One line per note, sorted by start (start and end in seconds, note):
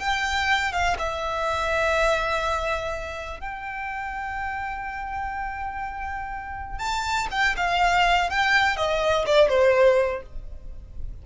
0.00 0.73 G5
0.73 0.97 F5
0.99 3.41 E5
3.41 6.79 G5
6.79 7.28 A5
7.31 7.56 G5
7.57 8.30 F5
8.30 8.77 G5
8.77 9.26 D#5
9.27 9.50 D5
9.50 10.23 C5